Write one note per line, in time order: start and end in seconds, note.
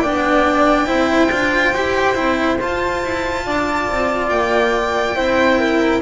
0.00 0.86 D4
0.00 0.87 D5
0.00 2.57 G5
0.06 0.88 B3
0.86 1.31 C4
0.86 1.29 E4
0.86 3.44 C5
1.31 1.74 D4
1.31 1.74 F4
1.74 2.17 E4
1.74 2.14 G4
2.14 2.60 C4
2.14 2.57 E4
2.61 5.16 F4
2.61 3.03 F4
2.61 4.29 A5
3.03 3.46 E4
3.45 3.89 D4
3.45 5.16 D5
3.89 4.30 C4
4.29 5.16 A#3
4.29 6.01 G5
5.16 6.01 C4
5.16 6.01 E4
5.16 5.59 C5
5.59 6.01 A#4